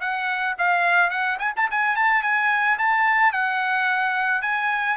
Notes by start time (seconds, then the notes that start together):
0.00 F#5
0.58 F5
1.10 F#5
1.39 G#5
1.56 A5
1.70 G#5
1.95 A5
2.22 G#5
2.78 A5
3.32 F#5
4.41 G#5